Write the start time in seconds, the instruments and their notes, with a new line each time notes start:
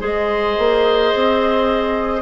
0.00 bassoon G#3, clarinet G#4, oboe C5, flute D#5
0.58 bassoon A#3
1.14 bassoon C4